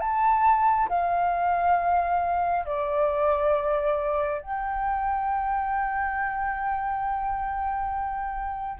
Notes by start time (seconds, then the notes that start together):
0.00 A5
0.89 F5
2.65 D5
4.41 G5